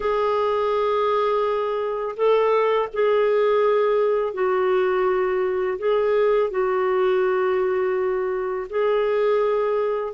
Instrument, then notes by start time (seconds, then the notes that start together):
clarinet
0.00 G#4
2.16 A4
2.93 G#4
4.33 F#4
5.78 G#4
6.50 F#4
8.69 G#4